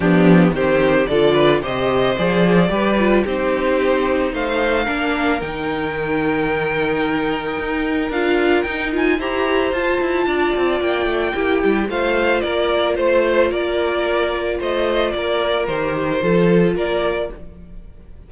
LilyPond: <<
  \new Staff \with { instrumentName = "violin" } { \time 4/4 \tempo 4 = 111 g'4 c''4 d''4 dis''4 | d''2 c''2 | f''2 g''2~ | g''2. f''4 |
g''8 gis''8 ais''4 a''2 | g''2 f''4 d''4 | c''4 d''2 dis''4 | d''4 c''2 d''4 | }
  \new Staff \with { instrumentName = "violin" } { \time 4/4 d'4 g'4 a'8 b'8 c''4~ | c''4 b'4 g'2 | c''4 ais'2.~ | ais'1~ |
ais'4 c''2 d''4~ | d''4 g'4 c''4 ais'4 | c''4 ais'2 c''4 | ais'2 a'4 ais'4 | }
  \new Staff \with { instrumentName = "viola" } { \time 4/4 b4 c'4 f'4 g'4 | gis'4 g'8 f'8 dis'2~ | dis'4 d'4 dis'2~ | dis'2. f'4 |
dis'8 f'8 g'4 f'2~ | f'4 e'4 f'2~ | f'1~ | f'4 g'4 f'2 | }
  \new Staff \with { instrumentName = "cello" } { \time 4/4 f4 dis4 d4 c4 | f4 g4 c'2 | a4 ais4 dis2~ | dis2 dis'4 d'4 |
dis'4 e'4 f'8 e'8 d'8 c'8 | ais8 a8 ais8 g8 a4 ais4 | a4 ais2 a4 | ais4 dis4 f4 ais4 | }
>>